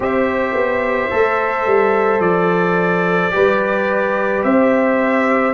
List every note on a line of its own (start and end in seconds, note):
0.00 0.54 C4
0.00 1.10 G4
0.00 3.34 C5
0.00 2.20 E5
0.54 1.09 B3
1.10 1.66 A3
1.10 3.30 A4
1.66 2.19 G3
2.19 3.30 F3
2.19 4.43 D5
3.30 4.44 G3
3.30 5.53 G4
3.30 4.44 B4
4.43 5.53 C4
4.43 5.53 C5
4.43 5.53 E5